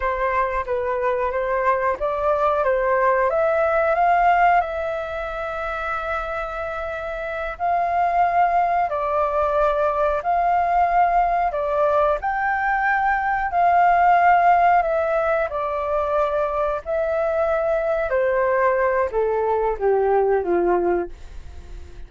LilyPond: \new Staff \with { instrumentName = "flute" } { \time 4/4 \tempo 4 = 91 c''4 b'4 c''4 d''4 | c''4 e''4 f''4 e''4~ | e''2.~ e''8 f''8~ | f''4. d''2 f''8~ |
f''4. d''4 g''4.~ | g''8 f''2 e''4 d''8~ | d''4. e''2 c''8~ | c''4 a'4 g'4 f'4 | }